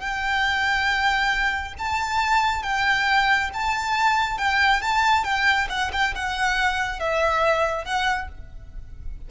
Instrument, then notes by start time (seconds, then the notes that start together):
violin
0.00 G5
1.78 A5
2.63 G5
3.53 A5
4.38 G5
4.81 A5
5.24 G5
5.69 F#5
5.92 G5
6.15 F#5
6.99 E5
7.85 F#5